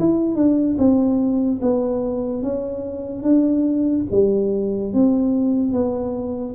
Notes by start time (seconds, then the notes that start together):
0.00 E4
0.36 D4
0.78 C4
1.63 B3
2.43 C#4
3.24 D4
4.12 G3
4.94 C4
5.73 B3